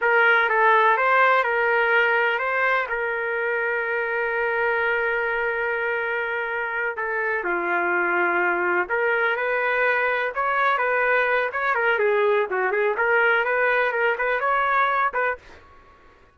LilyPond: \new Staff \with { instrumentName = "trumpet" } { \time 4/4 \tempo 4 = 125 ais'4 a'4 c''4 ais'4~ | ais'4 c''4 ais'2~ | ais'1~ | ais'2~ ais'8 a'4 f'8~ |
f'2~ f'8 ais'4 b'8~ | b'4. cis''4 b'4. | cis''8 ais'8 gis'4 fis'8 gis'8 ais'4 | b'4 ais'8 b'8 cis''4. b'8 | }